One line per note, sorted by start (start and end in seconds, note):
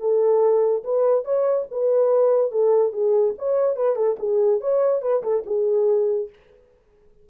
0.00 0.83 A4
0.84 1.25 B4
1.25 1.66 C#5
1.71 2.51 B4
2.51 2.93 A4
2.93 3.34 G#4
3.38 3.76 C#5
3.76 3.96 B4
3.96 4.16 A4
4.19 4.60 G#4
4.60 5.02 C#5
5.02 5.23 B4
5.23 5.44 A4
5.46 6.29 G#4